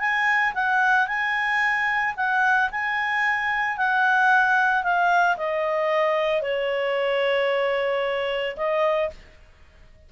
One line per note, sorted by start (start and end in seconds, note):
0.00 0.54 G#5
0.55 1.08 F#5
1.08 2.15 G#5
2.17 2.71 F#5
2.72 3.78 G#5
3.78 4.84 F#5
4.84 5.37 F5
5.37 6.42 D#5
6.42 8.57 C#5
8.57 9.11 D#5